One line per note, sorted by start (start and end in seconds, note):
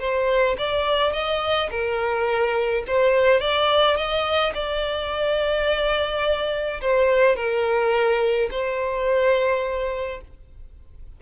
0.00 0.57 C5
0.58 1.13 D5
1.13 1.70 D#5
1.71 2.84 A#4
2.87 3.41 C5
3.41 3.96 D5
3.96 4.53 D#5
4.55 6.81 D5
6.81 7.36 C5
7.36 8.49 A#4
8.51 10.21 C5